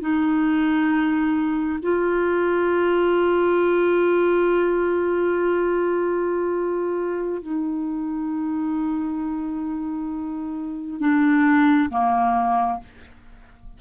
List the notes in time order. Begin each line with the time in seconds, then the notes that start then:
0.00 D#4
1.82 F4
7.42 D#4
10.99 D4
11.90 A#3